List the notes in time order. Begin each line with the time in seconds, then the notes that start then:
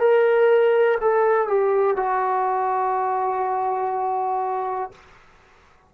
0.00 A#4
1.01 A4
1.48 G4
1.97 F#4